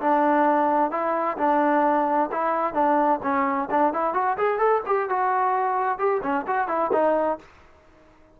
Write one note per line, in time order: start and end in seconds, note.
0.00 0.91 D4
0.91 1.37 E4
1.37 2.30 D4
2.32 2.73 E4
2.73 3.20 D4
3.22 3.69 C#4
3.70 3.93 D4
3.93 4.14 E4
4.14 4.37 F#4
4.37 4.58 G#4
4.58 4.81 A4
4.86 5.09 G4
5.09 5.98 F#4
5.98 6.21 G4
6.22 6.45 C#4
6.47 6.68 F#4
6.68 6.91 E4
6.92 7.38 D#4